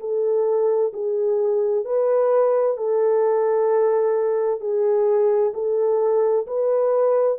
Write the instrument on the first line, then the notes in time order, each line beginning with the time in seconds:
horn
0.00 A4
0.94 G#4
1.85 B4
2.77 A4
4.61 G#4
5.54 A4
6.47 B4